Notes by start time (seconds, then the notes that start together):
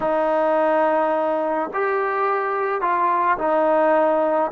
0.00 D#4
1.73 G4
2.81 F4
3.38 D#4